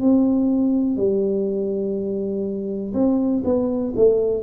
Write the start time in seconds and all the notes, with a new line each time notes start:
0.00 C4
0.97 G3
2.94 C4
3.45 B3
3.96 A3